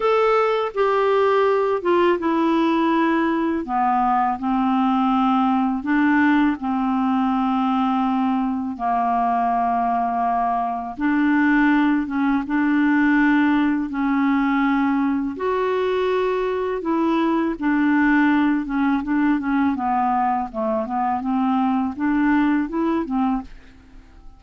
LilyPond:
\new Staff \with { instrumentName = "clarinet" } { \time 4/4 \tempo 4 = 82 a'4 g'4. f'8 e'4~ | e'4 b4 c'2 | d'4 c'2. | ais2. d'4~ |
d'8 cis'8 d'2 cis'4~ | cis'4 fis'2 e'4 | d'4. cis'8 d'8 cis'8 b4 | a8 b8 c'4 d'4 e'8 c'8 | }